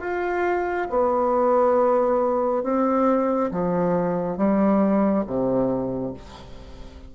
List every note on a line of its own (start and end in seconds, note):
0.00 0.87 F4
0.89 2.63 B3
2.63 3.50 C4
3.51 4.37 F3
4.37 5.24 G3
5.26 6.13 C3